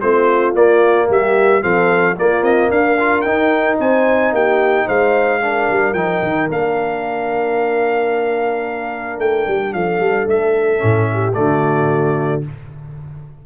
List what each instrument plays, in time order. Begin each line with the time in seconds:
0.00 tuba A3, trombone C4, horn F4, trumpet C5
0.54 trombone A#3, tuba A#3, trumpet D5
1.08 tuba G3, horn G4, trumpet E5
1.61 tuba F3, trombone C4, horn A4, trumpet F5
2.16 trombone A#3, tuba A#3, horn F4, trumpet D5
2.42 tuba C4, trumpet D#5
2.70 tuba D4, horn A#4, trumpet F5
3.00 trombone F4
3.21 tuba D#4, trombone D#4, trumpet G5
3.79 tuba C4, horn C5, trumpet G#5
4.32 tuba A#3, horn G4, trumpet G5
4.86 tuba G#3, horn C5, trumpet F5
5.41 trombone D4, horn A#4
5.70 tuba G3
5.93 tuba F3, trombone D#4, trumpet G5
6.22 tuba D#3
6.49 tuba A#3, trombone D4, trumpet F5
9.19 tuba A3, trumpet G5
9.47 tuba G3
9.73 tuba F3, horn A4, trumpet F5
10.00 tuba G3
10.27 tuba A3, trumpet E5
10.78 tuba A2, trombone C#4
11.12 horn G4
11.33 tuba D3, trombone A3, horn F#4, trumpet D5